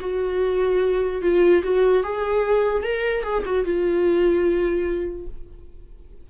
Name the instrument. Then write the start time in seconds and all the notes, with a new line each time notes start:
viola
0.00 F#4
1.22 F4
1.63 F#4
2.03 G#4
2.83 A#4
3.23 G#4
3.45 F#4
3.64 F4